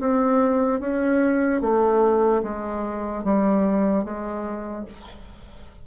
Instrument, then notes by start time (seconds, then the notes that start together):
bassoon
0.00 C4
0.80 C#4
1.61 A3
2.43 G#3
3.24 G3
4.04 G#3